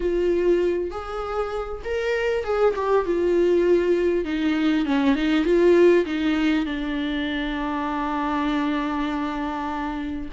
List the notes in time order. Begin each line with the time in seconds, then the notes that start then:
0.00 F4
0.90 G#4
1.84 A#4
2.44 G#4
2.75 G4
3.05 F4
4.25 D#4
4.85 C#4
5.15 D#4
5.44 F4
6.05 D#4
6.65 D4